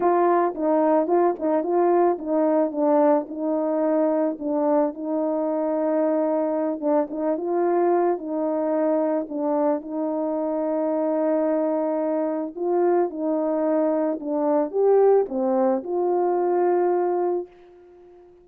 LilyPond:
\new Staff \with { instrumentName = "horn" } { \time 4/4 \tempo 4 = 110 f'4 dis'4 f'8 dis'8 f'4 | dis'4 d'4 dis'2 | d'4 dis'2.~ | dis'8 d'8 dis'8 f'4. dis'4~ |
dis'4 d'4 dis'2~ | dis'2. f'4 | dis'2 d'4 g'4 | c'4 f'2. | }